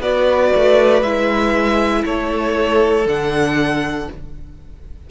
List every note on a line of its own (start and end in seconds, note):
0.00 0.51 B3
0.00 1.03 F#4
0.00 2.06 B4
0.00 1.03 D5
0.56 1.02 A3
1.02 2.04 G#3
1.02 3.07 E4
1.02 2.04 E5
2.05 3.06 A3
2.05 4.09 A4
2.05 3.08 C#5
3.06 4.08 D3
3.06 4.08 D4
3.06 4.11 F#5